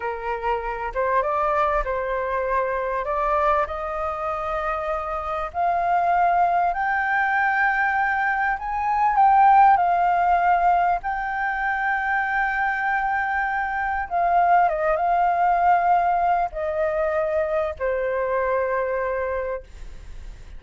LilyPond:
\new Staff \with { instrumentName = "flute" } { \time 4/4 \tempo 4 = 98 ais'4. c''8 d''4 c''4~ | c''4 d''4 dis''2~ | dis''4 f''2 g''4~ | g''2 gis''4 g''4 |
f''2 g''2~ | g''2. f''4 | dis''8 f''2~ f''8 dis''4~ | dis''4 c''2. | }